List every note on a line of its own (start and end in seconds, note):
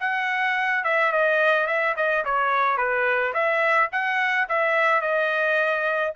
0.00 0.84 F#5
0.84 1.12 E5
1.12 1.67 D#5
1.67 1.95 E5
1.97 2.25 D#5
2.25 2.77 C#5
2.77 3.33 B4
3.34 3.90 E5
3.92 4.48 F#5
4.49 5.01 E5
5.01 6.13 D#5